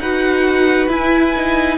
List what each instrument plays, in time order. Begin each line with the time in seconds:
0.00 cello D#4, viola F#4, violin B4 F#5
0.89 cello E4, viola E4, violin G#5
1.37 viola D#4